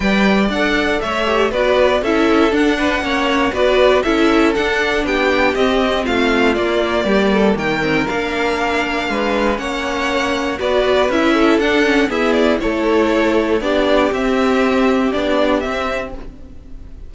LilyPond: <<
  \new Staff \with { instrumentName = "violin" } { \time 4/4 \tempo 4 = 119 g''4 fis''4 e''4 d''4 | e''4 fis''2 d''4 | e''4 fis''4 g''4 dis''4 | f''4 d''2 g''4 |
f''2. fis''4~ | fis''4 d''4 e''4 fis''4 | e''8 d''8 cis''2 d''4 | e''2 d''4 e''4 | }
  \new Staff \with { instrumentName = "violin" } { \time 4/4 d''2 cis''4 b'4 | a'4. b'8 cis''4 b'4 | a'2 g'2 | f'2 g'8 a'8 ais'4~ |
ais'2 b'4 cis''4~ | cis''4 b'4. a'4. | gis'4 a'2 g'4~ | g'1 | }
  \new Staff \with { instrumentName = "viola" } { \time 4/4 b'4 a'4. g'8 fis'4 | e'4 d'4 cis'4 fis'4 | e'4 d'2 c'4~ | c'4 ais2~ ais8 c'8 |
d'2. cis'4~ | cis'4 fis'4 e'4 d'8 cis'8 | b4 e'2 d'4 | c'2 d'4 c'4 | }
  \new Staff \with { instrumentName = "cello" } { \time 4/4 g4 d'4 a4 b4 | cis'4 d'4 ais4 b4 | cis'4 d'4 b4 c'4 | a4 ais4 g4 dis4 |
ais2 gis4 ais4~ | ais4 b4 cis'4 d'4 | e'4 a2 b4 | c'2 b4 c'4 | }
>>